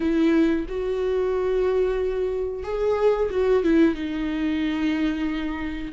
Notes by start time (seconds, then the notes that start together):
0.00 E4
0.68 F#4
2.63 G#4
3.30 F#4
3.63 E4
3.94 D#4